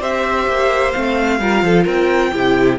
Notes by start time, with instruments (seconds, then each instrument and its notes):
0.00 cello C4, viola G4, violin C5 E5
0.47 cello A#3
0.91 cello A3, viola C4, violin F5
1.40 cello G3, viola F4, violin A#4
1.62 cello F3, violin A4
1.84 cello C4, violin A#4 G5
2.32 cello C3, viola E4, violin G4